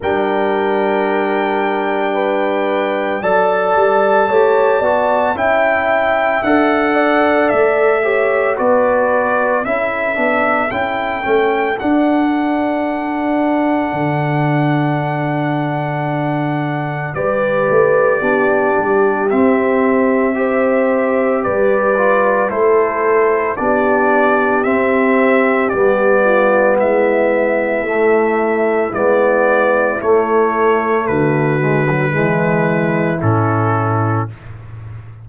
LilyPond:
<<
  \new Staff \with { instrumentName = "trumpet" } { \time 4/4 \tempo 4 = 56 g''2. a''4~ | a''4 g''4 fis''4 e''4 | d''4 e''4 g''4 fis''4~ | fis''1 |
d''2 e''2 | d''4 c''4 d''4 e''4 | d''4 e''2 d''4 | cis''4 b'2 a'4 | }
  \new Staff \with { instrumentName = "horn" } { \time 4/4 ais'2 b'4 d''4 | cis''8 d''8 e''4. d''4 cis''8 | b'4 a'2.~ | a'1 |
b'4 g'2 c''4 | b'4 a'4 g'2~ | g'8 f'8 e'2.~ | e'4 fis'4 e'2 | }
  \new Staff \with { instrumentName = "trombone" } { \time 4/4 d'2. a'4 | g'8 fis'8 e'4 a'4. g'8 | fis'4 e'8 d'8 e'8 cis'8 d'4~ | d'1 |
g'4 d'4 c'4 g'4~ | g'8 f'8 e'4 d'4 c'4 | b2 a4 b4 | a4. gis16 fis16 gis4 cis'4 | }
  \new Staff \with { instrumentName = "tuba" } { \time 4/4 g2. fis8 g8 | a8 b8 cis'4 d'4 a4 | b4 cis'8 b8 cis'8 a8 d'4~ | d'4 d2. |
g8 a8 b8 g8 c'2 | g4 a4 b4 c'4 | g4 gis4 a4 gis4 | a4 d4 e4 a,4 | }
>>